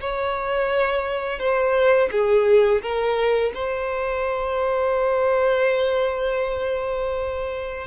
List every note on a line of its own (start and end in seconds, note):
0.00 1.39 C#5
1.39 2.09 C5
2.12 2.81 G#4
2.82 3.52 A#4
3.54 7.87 C5